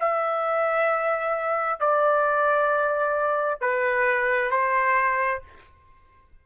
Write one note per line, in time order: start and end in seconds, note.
0.00 1.80 E5
1.80 3.61 D5
3.61 4.51 B4
4.51 5.42 C5